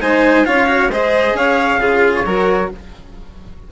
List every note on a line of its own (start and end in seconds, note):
0.00 0.46 G#3
0.00 0.45 D#4
0.00 0.46 C5
0.00 0.45 G#5
0.45 0.88 C#4
0.45 0.67 F4
0.45 0.91 C#5
0.45 0.90 F5
0.67 0.89 F#4
0.88 1.33 G#3
0.88 1.80 G#4
0.88 1.36 C5
0.88 1.37 D#5
1.34 1.77 C#4
1.34 1.80 C#5
1.34 2.15 F5
1.77 2.23 C#3
1.77 2.25 F4
1.77 2.25 G#4
2.15 2.71 C#5
2.25 2.71 F#3
2.25 2.70 F#4
2.25 2.70 A#4